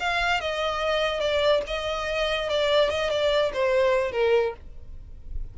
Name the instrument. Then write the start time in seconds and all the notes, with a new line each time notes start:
violin
0.00 F5
0.41 D#5
1.20 D5
1.67 D#5
2.49 D5
2.90 D#5
3.10 D5
3.54 C5
4.12 A#4